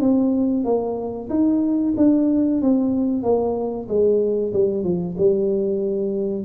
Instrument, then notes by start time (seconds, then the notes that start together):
tuba
0.00 C4
0.65 A#3
1.30 D#4
1.97 D4
2.62 C4
3.23 A#3
3.88 G#3
4.53 G3
4.84 F3
5.18 G3